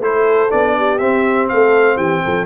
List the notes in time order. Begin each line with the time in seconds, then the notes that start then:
0.00 A3 E4 A4 C5
0.49 B3 D4 D5
0.77 G4
0.98 C4 E5
1.49 A3 A4 F5
1.97 E3 G4 G5
2.25 F3 A4